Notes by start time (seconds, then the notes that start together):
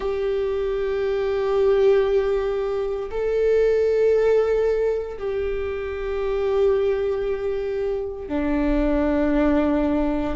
0.00 G4
3.10 A4
5.18 G4
8.28 D4